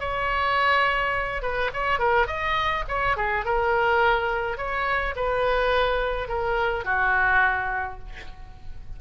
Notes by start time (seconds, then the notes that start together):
0.00 C#5
1.42 B4
1.74 C#5
1.99 A#4
2.27 D#5
2.88 C#5
3.17 G#4
3.45 A#4
4.57 C#5
5.16 B4
6.28 A#4
6.85 F#4